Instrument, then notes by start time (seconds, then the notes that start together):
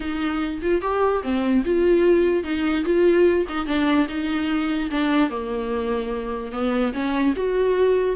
viola
0.00 D#4
0.61 F4
0.81 G4
1.22 C4
1.65 F4
2.43 D#4
2.84 F4
3.48 D#4
3.66 D4
4.08 D#4
4.91 D4
5.30 A#3
6.52 B3
6.93 C#4
7.36 F#4